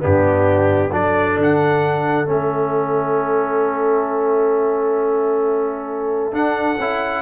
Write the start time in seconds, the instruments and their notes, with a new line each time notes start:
0.00 tuba G2, trombone B3, horn D4, trumpet G4
0.92 tuba F#3, trombone D4, horn A4, trumpet D5
1.38 tuba D3, trumpet F#5
2.26 tuba A3, trombone C#4, trumpet E5
6.32 trombone D4, tuba D4, trumpet F#5
6.78 tuba C#4, trombone E4